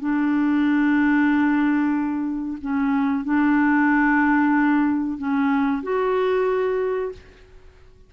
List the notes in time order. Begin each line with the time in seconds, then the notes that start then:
0.00 D4
2.61 C#4
3.24 D4
5.18 C#4
5.83 F#4